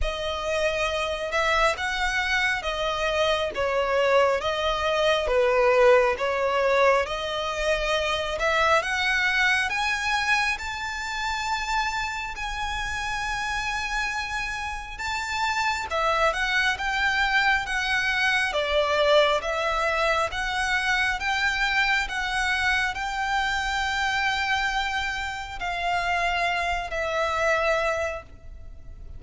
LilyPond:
\new Staff \with { instrumentName = "violin" } { \time 4/4 \tempo 4 = 68 dis''4. e''8 fis''4 dis''4 | cis''4 dis''4 b'4 cis''4 | dis''4. e''8 fis''4 gis''4 | a''2 gis''2~ |
gis''4 a''4 e''8 fis''8 g''4 | fis''4 d''4 e''4 fis''4 | g''4 fis''4 g''2~ | g''4 f''4. e''4. | }